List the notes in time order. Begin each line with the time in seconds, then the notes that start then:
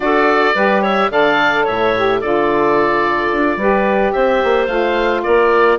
0.00 D4 F#4 A4 D5
0.54 G3 G4 B4
0.82 C#5 E5
1.10 D3 A4 D5 F5
1.64 A2 C#5 E5
1.95 G4
2.20 D3 F4 A4 D5
3.32 D4
3.57 G3 G4 B4
4.12 C4 C5 E5
4.43 A#3
4.66 A3 F4 F5
5.23 A#3 A#4 D5